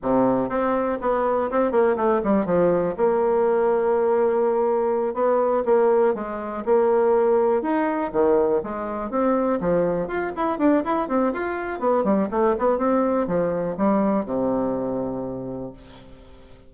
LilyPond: \new Staff \with { instrumentName = "bassoon" } { \time 4/4 \tempo 4 = 122 c4 c'4 b4 c'8 ais8 | a8 g8 f4 ais2~ | ais2~ ais8 b4 ais8~ | ais8 gis4 ais2 dis'8~ |
dis'8 dis4 gis4 c'4 f8~ | f8 f'8 e'8 d'8 e'8 c'8 f'4 | b8 g8 a8 b8 c'4 f4 | g4 c2. | }